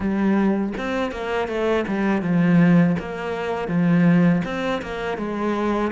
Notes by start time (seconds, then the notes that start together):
0.00 G3
0.77 C4
1.11 A#3
1.47 A3
1.87 G3
2.22 F3
2.99 A#3
3.67 F3
4.44 C4
4.81 A#3
5.17 G#3